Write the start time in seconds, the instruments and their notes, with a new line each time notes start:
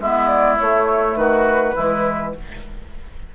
0.00 bassoon G#3, clarinet B3, oboe E4, flute E5
0.27 flute D5
0.56 clarinet A3, bassoon A3, flute C#5
1.16 bassoon D#3, oboe F#4, flute B4
1.75 bassoon E3, clarinet G#3, oboe E4